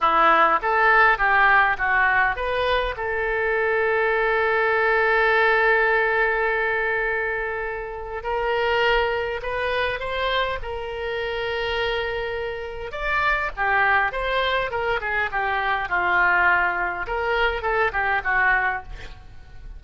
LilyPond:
\new Staff \with { instrumentName = "oboe" } { \time 4/4 \tempo 4 = 102 e'4 a'4 g'4 fis'4 | b'4 a'2.~ | a'1~ | a'2 ais'2 |
b'4 c''4 ais'2~ | ais'2 d''4 g'4 | c''4 ais'8 gis'8 g'4 f'4~ | f'4 ais'4 a'8 g'8 fis'4 | }